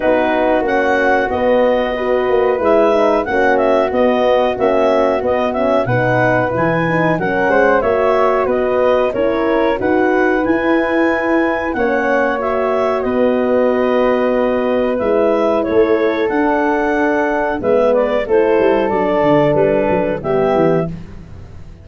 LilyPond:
<<
  \new Staff \with { instrumentName = "clarinet" } { \time 4/4 \tempo 4 = 92 b'4 fis''4 dis''2 | e''4 fis''8 e''8 dis''4 e''4 | dis''8 e''8 fis''4 gis''4 fis''4 | e''4 dis''4 cis''4 fis''4 |
gis''2 fis''4 e''4 | dis''2. e''4 | cis''4 fis''2 e''8 d''8 | c''4 d''4 b'4 e''4 | }
  \new Staff \with { instrumentName = "flute" } { \time 4/4 fis'2. b'4~ | b'4 fis'2.~ | fis'4 b'2 ais'8 c''8 | cis''4 b'4 ais'4 b'4~ |
b'2 cis''2 | b'1 | a'2. b'4 | a'2. g'4 | }
  \new Staff \with { instrumentName = "horn" } { \time 4/4 dis'4 cis'4 b4 fis'4 | e'8 dis'8 cis'4 b4 cis'4 | b8 cis'8 dis'4 e'8 dis'8 cis'4 | fis'2 e'4 fis'4 |
e'2 cis'4 fis'4~ | fis'2. e'4~ | e'4 d'2 b4 | e'4 d'2 b4 | }
  \new Staff \with { instrumentName = "tuba" } { \time 4/4 b4 ais4 b4. ais8 | gis4 ais4 b4 ais4 | b4 b,4 e4 fis8 gis8 | ais4 b4 cis'4 dis'4 |
e'2 ais2 | b2. gis4 | a4 d'2 gis4 | a8 g8 fis8 d8 g8 fis8 g8 e8 | }
>>